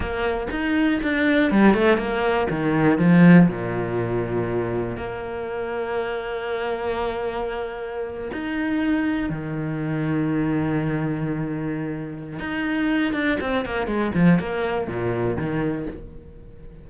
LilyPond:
\new Staff \with { instrumentName = "cello" } { \time 4/4 \tempo 4 = 121 ais4 dis'4 d'4 g8 a8 | ais4 dis4 f4 ais,4~ | ais,2 ais2~ | ais1~ |
ais8. dis'2 dis4~ dis16~ | dis1~ | dis4 dis'4. d'8 c'8 ais8 | gis8 f8 ais4 ais,4 dis4 | }